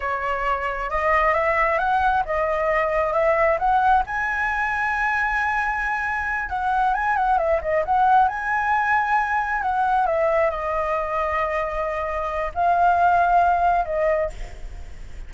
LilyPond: \new Staff \with { instrumentName = "flute" } { \time 4/4 \tempo 4 = 134 cis''2 dis''4 e''4 | fis''4 dis''2 e''4 | fis''4 gis''2.~ | gis''2~ gis''8 fis''4 gis''8 |
fis''8 e''8 dis''8 fis''4 gis''4.~ | gis''4. fis''4 e''4 dis''8~ | dis''1 | f''2. dis''4 | }